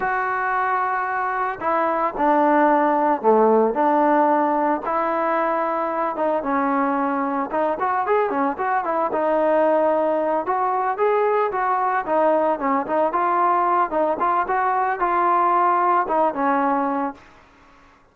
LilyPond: \new Staff \with { instrumentName = "trombone" } { \time 4/4 \tempo 4 = 112 fis'2. e'4 | d'2 a4 d'4~ | d'4 e'2~ e'8 dis'8 | cis'2 dis'8 fis'8 gis'8 cis'8 |
fis'8 e'8 dis'2~ dis'8 fis'8~ | fis'8 gis'4 fis'4 dis'4 cis'8 | dis'8 f'4. dis'8 f'8 fis'4 | f'2 dis'8 cis'4. | }